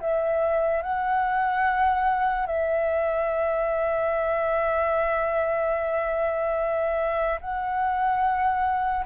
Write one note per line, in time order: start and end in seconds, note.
0.00 0.82 E5
0.82 2.46 F#5
2.46 7.39 E5
7.40 9.05 F#5